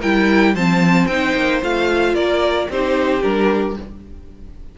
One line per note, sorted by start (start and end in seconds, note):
0.00 0.55 G3
0.00 0.56 E4
0.00 0.54 A#4
0.00 0.55 G5
0.54 1.06 F3
0.54 1.09 C4
0.54 2.15 C5
0.54 1.07 A5
1.06 1.33 C4
1.06 1.62 D#4
1.06 1.60 G5
1.36 1.63 A#3
1.62 2.15 A3
1.62 2.69 F4
1.62 2.15 F5
2.15 2.68 A#3
2.15 2.68 A#4
2.15 2.68 D5
2.69 3.23 C4
2.69 3.22 D#4
2.69 3.78 G4
2.69 3.23 C5
3.22 3.77 G3
3.22 3.75 D4
3.22 3.76 A#4